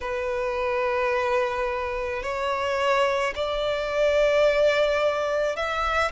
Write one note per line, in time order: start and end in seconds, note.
0.00 2.22 B4
2.22 3.33 C#5
3.35 5.56 D5
5.56 6.11 E5